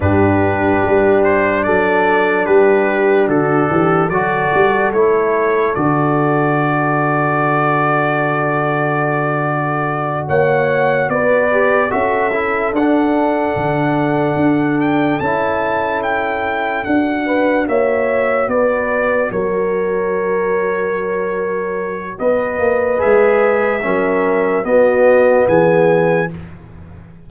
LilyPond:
<<
  \new Staff \with { instrumentName = "trumpet" } { \time 4/4 \tempo 4 = 73 b'4. c''8 d''4 b'4 | a'4 d''4 cis''4 d''4~ | d''1~ | d''8 fis''4 d''4 e''4 fis''8~ |
fis''2 g''8 a''4 g''8~ | g''8 fis''4 e''4 d''4 cis''8~ | cis''2. dis''4 | e''2 dis''4 gis''4 | }
  \new Staff \with { instrumentName = "horn" } { \time 4/4 g'2 a'4 g'4 | fis'8 g'8 a'2.~ | a'1~ | a'8 cis''4 b'4 a'4.~ |
a'1~ | a'4 b'8 cis''4 b'4 ais'8~ | ais'2. b'4~ | b'4 ais'4 fis'4 gis'4 | }
  \new Staff \with { instrumentName = "trombone" } { \time 4/4 d'1~ | d'4 fis'4 e'4 fis'4~ | fis'1~ | fis'2 g'8 fis'8 e'8 d'8~ |
d'2~ d'8 e'4.~ | e'8 fis'2.~ fis'8~ | fis'1 | gis'4 cis'4 b2 | }
  \new Staff \with { instrumentName = "tuba" } { \time 4/4 g,4 g4 fis4 g4 | d8 e8 fis8 g8 a4 d4~ | d1~ | d8 ais4 b4 cis'4 d'8~ |
d'8 d4 d'4 cis'4.~ | cis'8 d'4 ais4 b4 fis8~ | fis2. b8 ais8 | gis4 fis4 b4 e4 | }
>>